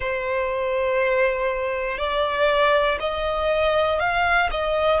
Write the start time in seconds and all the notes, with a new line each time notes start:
0.00 C5
1.97 D5
3.00 D#5
3.99 F5
4.50 D#5